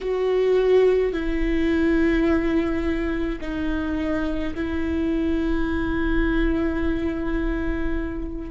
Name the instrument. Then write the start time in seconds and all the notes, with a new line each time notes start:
viola
0.01 F#4
1.13 E4
3.40 D#4
4.54 E4